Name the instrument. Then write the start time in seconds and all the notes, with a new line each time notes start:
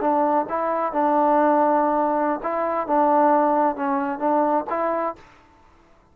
trombone
0.00 D4
0.49 E4
0.92 D4
2.43 E4
2.87 D4
3.76 C#4
4.19 D4
4.70 E4